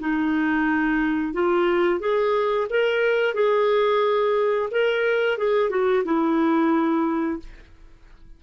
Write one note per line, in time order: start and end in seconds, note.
0.00 1.34 D#4
1.34 2.00 F4
2.00 2.68 G#4
2.70 3.35 A#4
3.35 4.69 G#4
4.71 5.38 A#4
5.38 5.70 G#4
5.70 6.04 F#4
6.05 7.39 E4